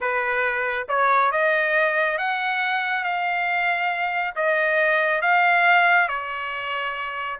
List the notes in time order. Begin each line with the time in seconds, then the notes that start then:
0.00 B4
0.88 C#5
1.31 D#5
2.18 F#5
3.03 F5
4.35 D#5
5.21 F5
6.08 C#5